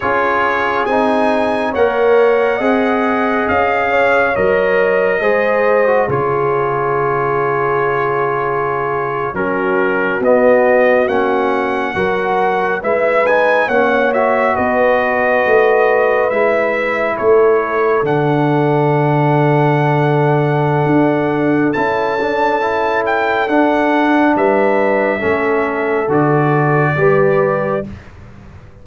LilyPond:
<<
  \new Staff \with { instrumentName = "trumpet" } { \time 4/4 \tempo 4 = 69 cis''4 gis''4 fis''2 | f''4 dis''2 cis''4~ | cis''2~ cis''8. ais'4 dis''16~ | dis''8. fis''2 e''8 gis''8 fis''16~ |
fis''16 e''8 dis''2 e''4 cis''16~ | cis''8. fis''2.~ fis''16~ | fis''4 a''4. g''8 fis''4 | e''2 d''2 | }
  \new Staff \with { instrumentName = "horn" } { \time 4/4 gis'2 cis''4 dis''4~ | dis''8 cis''4. c''4 gis'4~ | gis'2~ gis'8. fis'4~ fis'16~ | fis'4.~ fis'16 ais'4 b'4 cis''16~ |
cis''8. b'2. a'16~ | a'1~ | a'1 | b'4 a'2 b'4 | }
  \new Staff \with { instrumentName = "trombone" } { \time 4/4 f'4 dis'4 ais'4 gis'4~ | gis'4 ais'4 gis'8. fis'16 f'4~ | f'2~ f'8. cis'4 b16~ | b8. cis'4 fis'4 e'8 dis'8 cis'16~ |
cis'16 fis'2~ fis'8 e'4~ e'16~ | e'8. d'2.~ d'16~ | d'4 e'8 d'8 e'4 d'4~ | d'4 cis'4 fis'4 g'4 | }
  \new Staff \with { instrumentName = "tuba" } { \time 4/4 cis'4 c'4 ais4 c'4 | cis'4 fis4 gis4 cis4~ | cis2~ cis8. fis4 b16~ | b8. ais4 fis4 gis4 ais16~ |
ais8. b4 a4 gis4 a16~ | a8. d2.~ d16 | d'4 cis'2 d'4 | g4 a4 d4 g4 | }
>>